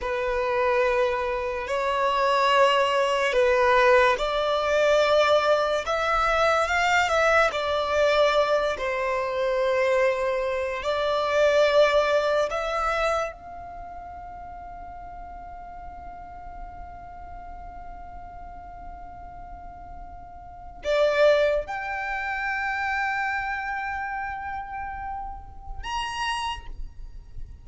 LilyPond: \new Staff \with { instrumentName = "violin" } { \time 4/4 \tempo 4 = 72 b'2 cis''2 | b'4 d''2 e''4 | f''8 e''8 d''4. c''4.~ | c''4 d''2 e''4 |
f''1~ | f''1~ | f''4 d''4 g''2~ | g''2. ais''4 | }